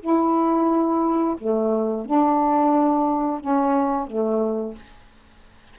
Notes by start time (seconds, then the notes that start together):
0.00 E4
1.38 A3
2.06 D4
3.41 C#4
4.07 A3